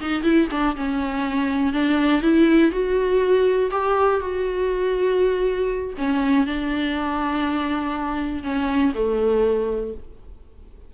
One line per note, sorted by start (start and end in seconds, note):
0.00 0.22 D#4
0.22 0.47 E4
0.50 0.75 D4
0.76 1.73 C#4
1.73 2.21 D4
2.21 2.71 E4
2.71 3.70 F#4
3.71 4.20 G4
4.20 5.93 F#4
5.97 6.46 C#4
6.46 8.43 D4
8.43 8.92 C#4
8.94 9.94 A3